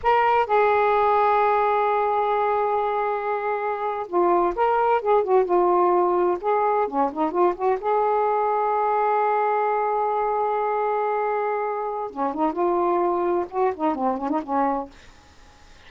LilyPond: \new Staff \with { instrumentName = "saxophone" } { \time 4/4 \tempo 4 = 129 ais'4 gis'2.~ | gis'1~ | gis'8. f'4 ais'4 gis'8 fis'8 f'16~ | f'4.~ f'16 gis'4 cis'8 dis'8 f'16~ |
f'16 fis'8 gis'2.~ gis'16~ | gis'1~ | gis'2 cis'8 dis'8 f'4~ | f'4 fis'8 dis'8 c'8 cis'16 dis'16 cis'4 | }